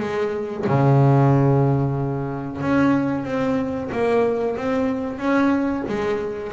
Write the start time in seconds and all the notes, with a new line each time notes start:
0.00 G#3
0.67 C#3
2.62 C#4
3.25 C4
3.92 A#3
4.57 C4
5.18 C#4
5.89 G#3